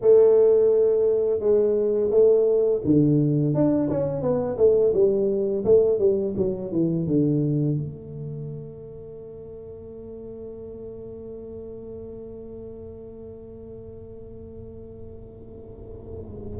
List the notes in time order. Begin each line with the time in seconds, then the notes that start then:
0.01 A3
1.39 G#3
2.10 A3
2.84 D3
3.54 D4
3.90 C#4
4.21 B3
4.57 A3
4.93 G3
5.65 A3
5.98 G3
6.36 F#3
6.71 E3
7.06 D3
7.77 A3